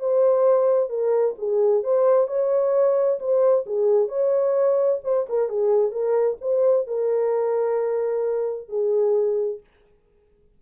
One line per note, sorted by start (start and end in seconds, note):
0.00 0.90 C5
0.90 1.35 A#4
1.38 1.84 G#4
1.84 2.28 C5
2.28 3.19 C#5
3.19 3.65 C5
3.66 4.08 G#4
4.08 5.00 C#5
5.04 5.27 C5
5.29 5.49 A#4
5.49 5.91 G#4
5.91 6.37 A#4
6.41 6.87 C5
6.87 8.69 A#4
8.69 9.60 G#4